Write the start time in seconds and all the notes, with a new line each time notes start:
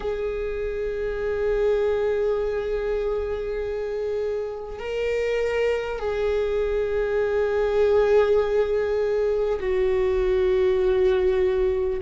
0.00 G#4
4.79 A#4
5.99 G#4
9.60 F#4